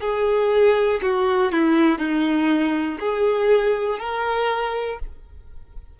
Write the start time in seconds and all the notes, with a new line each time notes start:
0.00 G#4
1.01 F#4
1.51 E4
1.98 D#4
3.00 G#4
3.99 A#4